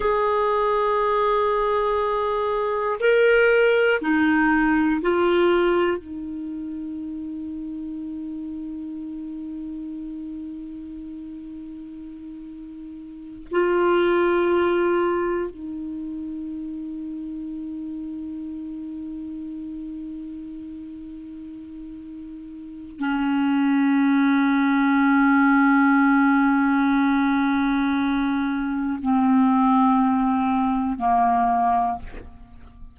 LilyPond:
\new Staff \with { instrumentName = "clarinet" } { \time 4/4 \tempo 4 = 60 gis'2. ais'4 | dis'4 f'4 dis'2~ | dis'1~ | dis'4. f'2 dis'8~ |
dis'1~ | dis'2. cis'4~ | cis'1~ | cis'4 c'2 ais4 | }